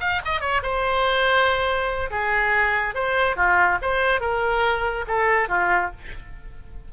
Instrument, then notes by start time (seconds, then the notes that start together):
oboe
0.00 F5
0.25 D#5
0.40 C#5
0.62 C5
2.10 G#4
2.94 C5
3.36 F4
3.81 C5
4.20 A#4
5.07 A4
5.48 F4